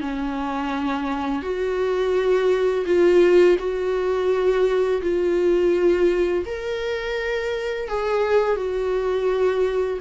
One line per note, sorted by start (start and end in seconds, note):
0.00 1.42 C#4
1.42 2.84 F#4
2.85 3.57 F4
3.58 5.01 F#4
5.01 6.44 F4
6.45 7.88 A#4
7.88 8.56 G#4
8.56 9.99 F#4